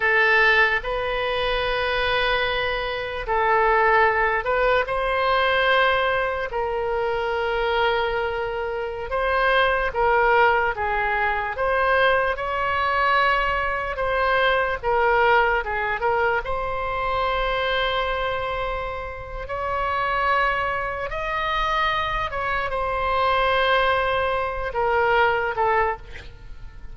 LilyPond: \new Staff \with { instrumentName = "oboe" } { \time 4/4 \tempo 4 = 74 a'4 b'2. | a'4. b'8 c''2 | ais'2.~ ais'16 c''8.~ | c''16 ais'4 gis'4 c''4 cis''8.~ |
cis''4~ cis''16 c''4 ais'4 gis'8 ais'16~ | ais'16 c''2.~ c''8. | cis''2 dis''4. cis''8 | c''2~ c''8 ais'4 a'8 | }